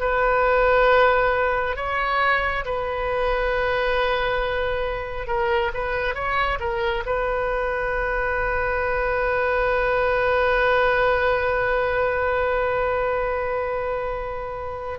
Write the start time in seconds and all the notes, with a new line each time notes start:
0.00 B4
1.76 C#5
2.65 B4
5.27 A#4
5.74 B4
6.14 C#5
6.60 A#4
7.06 B4